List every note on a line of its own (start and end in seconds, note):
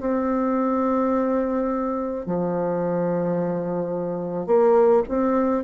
0.00 2.26 C4
2.26 4.47 F3
4.47 5.03 A#3
5.09 5.64 C4